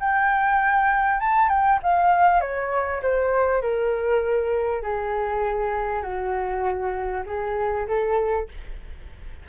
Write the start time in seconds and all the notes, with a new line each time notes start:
0.00 G5
1.20 A5
1.49 G5
1.83 F5
2.40 C#5
3.02 C5
3.61 A#4
4.82 G#4
6.02 F#4
7.26 G#4
7.88 A4